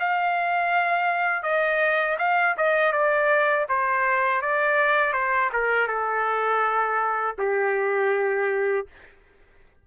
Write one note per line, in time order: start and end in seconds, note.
0.00 1.43 F5
1.43 2.18 D#5
2.19 2.56 F5
2.58 2.93 D#5
2.93 3.67 D5
3.69 4.42 C5
4.42 5.13 D5
5.13 5.50 C5
5.53 5.88 A#4
5.88 7.36 A4
7.39 8.87 G4